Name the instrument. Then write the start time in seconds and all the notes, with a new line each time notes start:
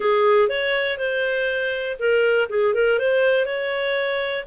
clarinet
0.00 G#4
0.48 C#5
0.98 C5
1.99 A#4
2.49 G#4
2.74 A#4
2.98 C5
3.45 C#5